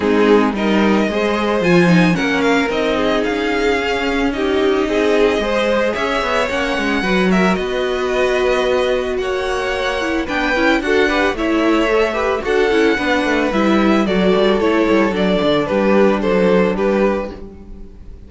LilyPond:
<<
  \new Staff \with { instrumentName = "violin" } { \time 4/4 \tempo 4 = 111 gis'4 dis''2 gis''4 | fis''8 f''8 dis''4 f''2 | dis''2. e''4 | fis''4. e''8 dis''2~ |
dis''4 fis''2 g''4 | fis''4 e''2 fis''4~ | fis''4 e''4 d''4 cis''4 | d''4 b'4 c''4 b'4 | }
  \new Staff \with { instrumentName = "violin" } { \time 4/4 dis'4 ais'4 c''2 | ais'4. gis'2~ gis'8 | g'4 gis'4 c''4 cis''4~ | cis''4 b'8 ais'8 b'2~ |
b'4 cis''2 b'4 | a'8 b'8 cis''4. b'8 a'4 | b'2 a'2~ | a'4 g'4 a'4 g'4 | }
  \new Staff \with { instrumentName = "viola" } { \time 4/4 c'4 dis'4 gis'4 f'8 dis'8 | cis'4 dis'2 cis'4 | dis'2 gis'2 | cis'4 fis'2.~ |
fis'2~ fis'8 e'8 d'8 e'8 | fis'8 g'8 e'4 a'8 g'8 fis'8 e'8 | d'4 e'4 fis'4 e'4 | d'1 | }
  \new Staff \with { instrumentName = "cello" } { \time 4/4 gis4 g4 gis4 f4 | ais4 c'4 cis'2~ | cis'4 c'4 gis4 cis'8 b8 | ais8 gis8 fis4 b2~ |
b4 ais2 b8 cis'8 | d'4 a2 d'8 cis'8 | b8 a8 g4 fis8 g8 a8 g8 | fis8 d8 g4 fis4 g4 | }
>>